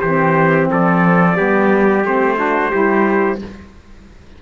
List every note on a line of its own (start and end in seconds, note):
0.00 0.70 E3
0.00 1.35 C4
0.00 0.69 G4
0.00 0.67 C5
0.71 1.39 F3
0.71 1.36 A4
0.71 2.06 D5
1.35 2.04 G3
1.35 2.02 B3
1.35 2.37 G4
2.04 2.72 A3
2.04 2.37 C4
2.04 3.40 C5
2.37 2.70 D4
2.37 2.71 F#4
2.71 3.42 G3
2.71 3.39 E4
2.71 3.38 G4